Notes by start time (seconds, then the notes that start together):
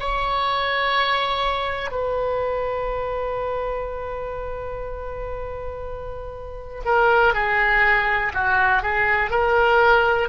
0.00 C#5
1.91 B4
6.85 A#4
7.34 G#4
8.34 F#4
8.83 G#4
9.31 A#4